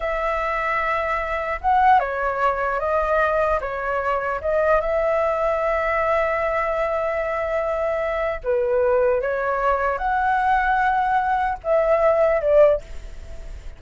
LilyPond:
\new Staff \with { instrumentName = "flute" } { \time 4/4 \tempo 4 = 150 e''1 | fis''4 cis''2 dis''4~ | dis''4 cis''2 dis''4 | e''1~ |
e''1~ | e''4 b'2 cis''4~ | cis''4 fis''2.~ | fis''4 e''2 d''4 | }